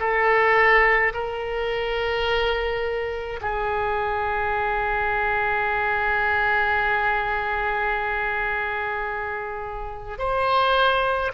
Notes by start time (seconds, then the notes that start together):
0.00 A4
1.14 A#4
3.41 G#4
10.18 C5